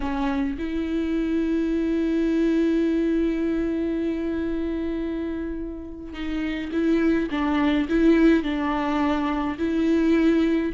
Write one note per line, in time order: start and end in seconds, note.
0.00 0.57 C#4
0.58 6.13 E4
6.13 6.70 D#4
6.72 7.29 E4
7.30 7.88 D4
7.88 8.43 E4
8.43 9.57 D4
9.58 10.72 E4